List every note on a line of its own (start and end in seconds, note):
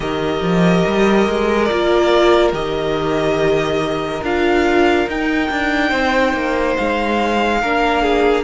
0.00 0.40 D#3
0.00 1.68 G4
0.00 5.89 A#4
0.00 1.64 D#5
0.41 0.83 F3
0.86 1.28 G3
1.28 1.70 G#3
1.64 2.53 F4
1.64 2.49 D5
1.71 2.52 A#3
2.52 4.21 D#3
2.52 4.22 G4
2.52 4.23 D#5
4.21 5.06 D4
4.21 5.08 F4
4.21 5.09 F5
5.07 5.49 D#4
5.07 7.63 D#4
5.07 6.77 G5
5.50 5.91 D4
5.89 6.33 C4
5.89 7.58 C5
6.33 6.75 A#3
6.77 7.62 G#3
6.77 8.43 F5
7.61 8.43 A#3
7.61 8.43 D4
7.61 8.02 A#4
8.02 8.43 G#4